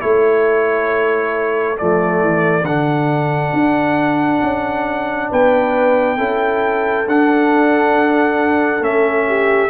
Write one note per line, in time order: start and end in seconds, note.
0.00 1.80 A3
0.00 1.76 E4
0.00 5.31 A4
0.00 1.78 C#5
1.77 2.22 F3
1.77 2.65 A3
1.77 2.66 D5
2.22 2.64 E3
2.64 3.52 D3
2.64 6.18 D4
2.64 5.30 F#5
3.53 4.42 D4
4.43 5.31 C#4
5.31 6.19 B3
5.31 6.18 B4
5.31 7.09 G5
6.18 7.07 C#4
6.18 7.06 E4
6.18 9.27 A4
7.07 8.81 D4
7.07 8.84 F#5
8.81 9.69 A3
8.81 9.69 C#4
8.81 9.70 E5
9.28 9.70 G4